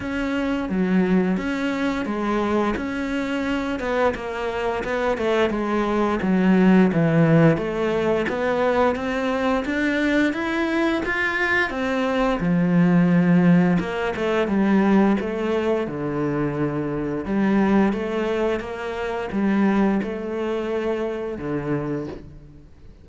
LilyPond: \new Staff \with { instrumentName = "cello" } { \time 4/4 \tempo 4 = 87 cis'4 fis4 cis'4 gis4 | cis'4. b8 ais4 b8 a8 | gis4 fis4 e4 a4 | b4 c'4 d'4 e'4 |
f'4 c'4 f2 | ais8 a8 g4 a4 d4~ | d4 g4 a4 ais4 | g4 a2 d4 | }